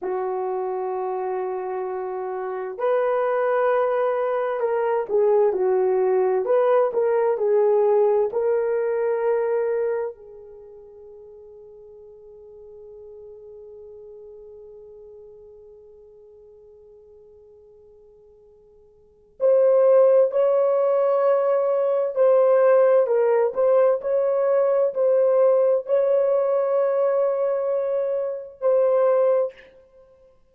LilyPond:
\new Staff \with { instrumentName = "horn" } { \time 4/4 \tempo 4 = 65 fis'2. b'4~ | b'4 ais'8 gis'8 fis'4 b'8 ais'8 | gis'4 ais'2 gis'4~ | gis'1~ |
gis'1~ | gis'4 c''4 cis''2 | c''4 ais'8 c''8 cis''4 c''4 | cis''2. c''4 | }